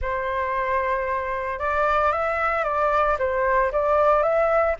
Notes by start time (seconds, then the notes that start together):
0.01 C5
1.59 D5
2.12 E5
2.64 D5
3.18 C5
3.72 D5
4.22 E5